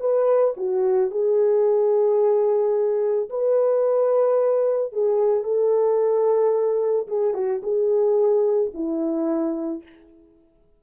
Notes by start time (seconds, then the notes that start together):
0.00 B4
0.57 F#4
1.11 G#4
3.30 B4
4.92 G#4
5.43 A4
7.08 G#4
7.34 F#4
7.63 G#4
8.74 E4